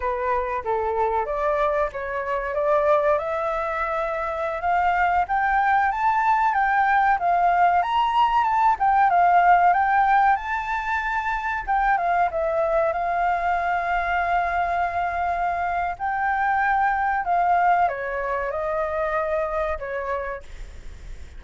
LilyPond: \new Staff \with { instrumentName = "flute" } { \time 4/4 \tempo 4 = 94 b'4 a'4 d''4 cis''4 | d''4 e''2~ e''16 f''8.~ | f''16 g''4 a''4 g''4 f''8.~ | f''16 ais''4 a''8 g''8 f''4 g''8.~ |
g''16 a''2 g''8 f''8 e''8.~ | e''16 f''2.~ f''8.~ | f''4 g''2 f''4 | cis''4 dis''2 cis''4 | }